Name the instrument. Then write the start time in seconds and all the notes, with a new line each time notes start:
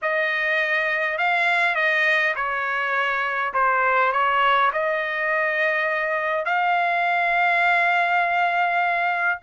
trumpet
0.02 D#5
1.18 F5
1.75 D#5
2.35 C#5
3.53 C5
4.12 C#5
4.72 D#5
6.45 F5